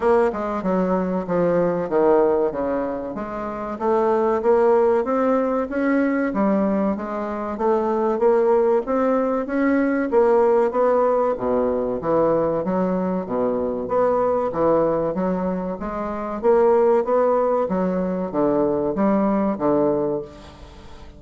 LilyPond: \new Staff \with { instrumentName = "bassoon" } { \time 4/4 \tempo 4 = 95 ais8 gis8 fis4 f4 dis4 | cis4 gis4 a4 ais4 | c'4 cis'4 g4 gis4 | a4 ais4 c'4 cis'4 |
ais4 b4 b,4 e4 | fis4 b,4 b4 e4 | fis4 gis4 ais4 b4 | fis4 d4 g4 d4 | }